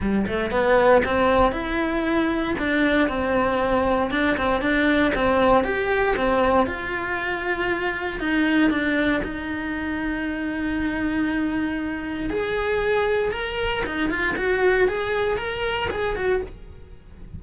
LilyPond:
\new Staff \with { instrumentName = "cello" } { \time 4/4 \tempo 4 = 117 g8 a8 b4 c'4 e'4~ | e'4 d'4 c'2 | d'8 c'8 d'4 c'4 g'4 | c'4 f'2. |
dis'4 d'4 dis'2~ | dis'1 | gis'2 ais'4 dis'8 f'8 | fis'4 gis'4 ais'4 gis'8 fis'8 | }